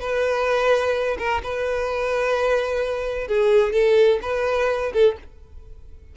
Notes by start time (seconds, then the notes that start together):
0.00 B4
1.18 A#4
1.43 B4
3.27 G#4
3.73 A4
4.22 B4
4.93 A4